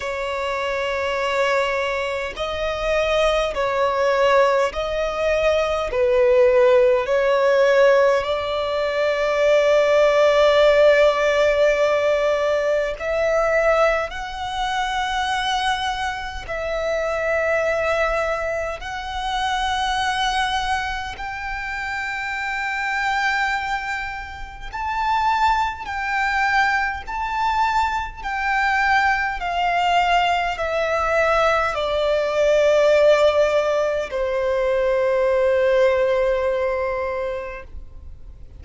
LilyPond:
\new Staff \with { instrumentName = "violin" } { \time 4/4 \tempo 4 = 51 cis''2 dis''4 cis''4 | dis''4 b'4 cis''4 d''4~ | d''2. e''4 | fis''2 e''2 |
fis''2 g''2~ | g''4 a''4 g''4 a''4 | g''4 f''4 e''4 d''4~ | d''4 c''2. | }